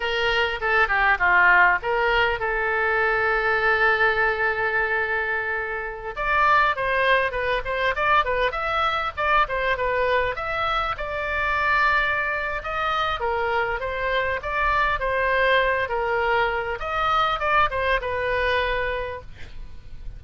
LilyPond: \new Staff \with { instrumentName = "oboe" } { \time 4/4 \tempo 4 = 100 ais'4 a'8 g'8 f'4 ais'4 | a'1~ | a'2~ a'16 d''4 c''8.~ | c''16 b'8 c''8 d''8 b'8 e''4 d''8 c''16~ |
c''16 b'4 e''4 d''4.~ d''16~ | d''4 dis''4 ais'4 c''4 | d''4 c''4. ais'4. | dis''4 d''8 c''8 b'2 | }